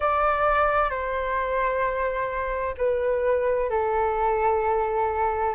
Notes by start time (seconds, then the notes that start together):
0.00 D5
0.90 C5
2.77 B4
3.70 A4